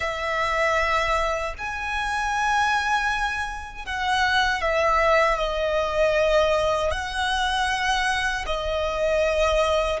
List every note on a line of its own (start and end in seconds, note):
0.00 1.54 E5
1.58 3.85 G#5
3.85 4.61 F#5
4.61 5.37 E5
5.37 6.91 D#5
6.91 8.45 F#5
8.46 10.00 D#5